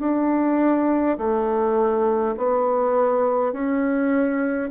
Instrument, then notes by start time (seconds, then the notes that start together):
bassoon
0.00 D4
1.18 A3
2.37 B3
3.53 C#4